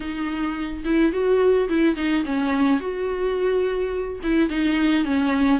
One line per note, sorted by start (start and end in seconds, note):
0.00 0.84 D#4
0.85 1.12 E4
1.12 1.68 F#4
1.68 1.95 E4
1.95 2.24 D#4
2.25 2.79 C#4
2.79 4.20 F#4
4.23 4.49 E4
4.49 5.05 D#4
5.05 5.59 C#4